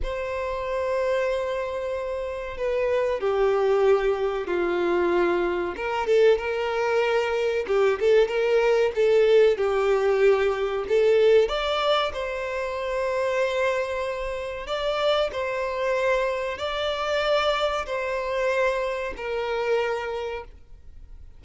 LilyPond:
\new Staff \with { instrumentName = "violin" } { \time 4/4 \tempo 4 = 94 c''1 | b'4 g'2 f'4~ | f'4 ais'8 a'8 ais'2 | g'8 a'8 ais'4 a'4 g'4~ |
g'4 a'4 d''4 c''4~ | c''2. d''4 | c''2 d''2 | c''2 ais'2 | }